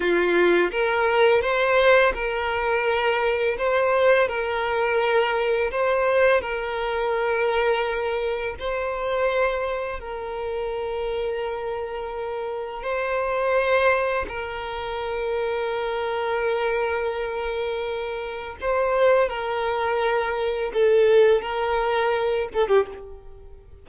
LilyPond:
\new Staff \with { instrumentName = "violin" } { \time 4/4 \tempo 4 = 84 f'4 ais'4 c''4 ais'4~ | ais'4 c''4 ais'2 | c''4 ais'2. | c''2 ais'2~ |
ais'2 c''2 | ais'1~ | ais'2 c''4 ais'4~ | ais'4 a'4 ais'4. a'16 g'16 | }